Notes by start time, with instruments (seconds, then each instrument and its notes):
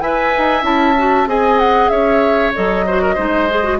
0.00 bassoon E4, clarinet B4, oboe E5, flute G#5
0.37 bassoon D#4
0.62 bassoon C#4, clarinet E4, flute A5
0.97 clarinet F#4
1.26 bassoon C4, clarinet G#4, oboe D#5, flute G#5
1.59 flute F#5
1.89 bassoon C#4, oboe C#5, flute E5
2.54 bassoon F#3, clarinet A4, flute D#5
2.86 clarinet F#4, oboe C5
3.02 oboe A#4
3.14 bassoon G#3, clarinet D#4, oboe C5
3.49 clarinet G#4
3.64 clarinet F#4